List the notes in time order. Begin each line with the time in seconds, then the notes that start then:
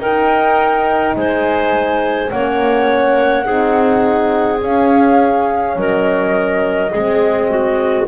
0.00 D#4 A#4 G5
1.16 G#3 C5 G#5
2.30 A#3 C#4 C#5 F#5
3.44 C4 D#4 G#4
4.61 C#4 F5
5.76 F#3 A#4 D#5
6.91 G#3 C4 G#4
7.49 F#4